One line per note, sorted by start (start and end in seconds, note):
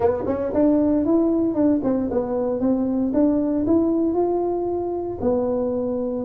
0.00 0.23 B3
0.26 0.52 C#4
0.53 1.05 D4
1.05 1.54 E4
1.54 1.80 D4
1.83 2.09 C4
2.11 2.59 B3
2.59 3.12 C4
3.13 3.65 D4
3.66 4.14 E4
4.14 5.18 F4
5.21 6.25 B3